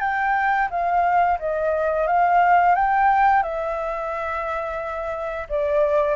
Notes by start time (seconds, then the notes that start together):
0.00 G5
0.70 F5
1.39 D#5
2.07 F5
2.75 G5
3.43 E5
5.49 D5